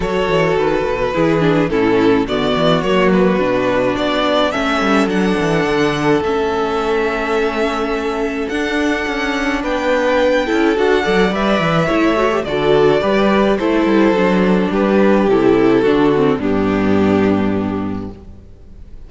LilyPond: <<
  \new Staff \with { instrumentName = "violin" } { \time 4/4 \tempo 4 = 106 cis''4 b'2 a'4 | d''4 cis''8 b'4. d''4 | e''4 fis''2 e''4~ | e''2. fis''4~ |
fis''4 g''2 fis''4 | e''2 d''2 | c''2 b'4 a'4~ | a'4 g'2. | }
  \new Staff \with { instrumentName = "violin" } { \time 4/4 a'2 gis'4 e'4 | fis'1 | a'1~ | a'1~ |
a'4 b'4. a'4 d''8~ | d''4 cis''4 a'4 b'4 | a'2 g'2 | fis'4 d'2. | }
  \new Staff \with { instrumentName = "viola" } { \time 4/4 fis'2 e'8 d'8 cis'4 | b4 ais4 d'2 | cis'4 d'2 cis'4~ | cis'2. d'4~ |
d'2~ d'8 e'8 fis'8 a'8 | b'4 e'8 fis'16 g'16 fis'4 g'4 | e'4 d'2 e'4 | d'8 c'8 b2. | }
  \new Staff \with { instrumentName = "cello" } { \time 4/4 fis8 e8 dis8 b,8 e4 a,4 | d8 e8 fis4 b,4 b4 | a8 g8 fis8 e8 d4 a4~ | a2. d'4 |
cis'4 b4. cis'8 d'8 fis8 | g8 e8 a4 d4 g4 | a8 g8 fis4 g4 c4 | d4 g,2. | }
>>